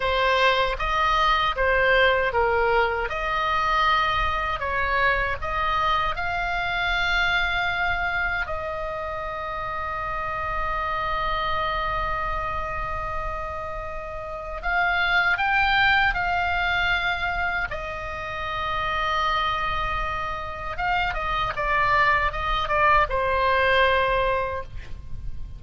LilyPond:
\new Staff \with { instrumentName = "oboe" } { \time 4/4 \tempo 4 = 78 c''4 dis''4 c''4 ais'4 | dis''2 cis''4 dis''4 | f''2. dis''4~ | dis''1~ |
dis''2. f''4 | g''4 f''2 dis''4~ | dis''2. f''8 dis''8 | d''4 dis''8 d''8 c''2 | }